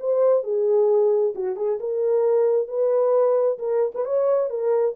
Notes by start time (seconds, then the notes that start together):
0.00 C5
0.44 G#4
1.35 F#4
1.57 G#4
1.80 A#4
2.68 B4
3.59 A#4
3.95 B4
4.05 C#5
4.50 A#4